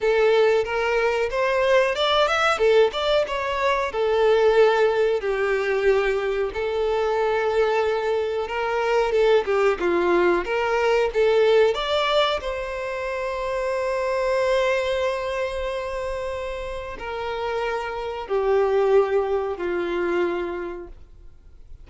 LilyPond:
\new Staff \with { instrumentName = "violin" } { \time 4/4 \tempo 4 = 92 a'4 ais'4 c''4 d''8 e''8 | a'8 d''8 cis''4 a'2 | g'2 a'2~ | a'4 ais'4 a'8 g'8 f'4 |
ais'4 a'4 d''4 c''4~ | c''1~ | c''2 ais'2 | g'2 f'2 | }